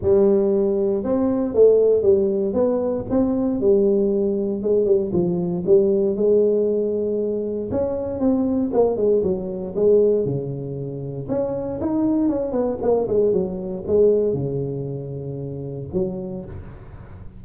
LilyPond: \new Staff \with { instrumentName = "tuba" } { \time 4/4 \tempo 4 = 117 g2 c'4 a4 | g4 b4 c'4 g4~ | g4 gis8 g8 f4 g4 | gis2. cis'4 |
c'4 ais8 gis8 fis4 gis4 | cis2 cis'4 dis'4 | cis'8 b8 ais8 gis8 fis4 gis4 | cis2. fis4 | }